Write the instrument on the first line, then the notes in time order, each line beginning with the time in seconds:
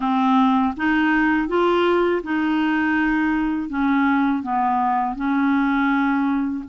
clarinet
0.00 C4
0.76 D#4
1.47 F4
2.23 D#4
3.69 C#4
4.42 B3
5.15 C#4